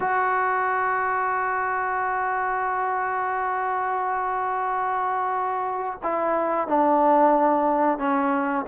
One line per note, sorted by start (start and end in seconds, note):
0.00 5.99 F#4
6.03 6.67 E4
6.67 7.98 D4
7.98 8.65 C#4